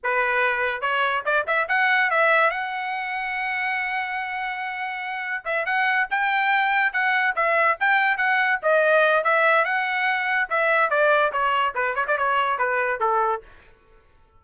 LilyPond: \new Staff \with { instrumentName = "trumpet" } { \time 4/4 \tempo 4 = 143 b'2 cis''4 d''8 e''8 | fis''4 e''4 fis''2~ | fis''1~ | fis''4 e''8 fis''4 g''4.~ |
g''8 fis''4 e''4 g''4 fis''8~ | fis''8 dis''4. e''4 fis''4~ | fis''4 e''4 d''4 cis''4 | b'8 cis''16 d''16 cis''4 b'4 a'4 | }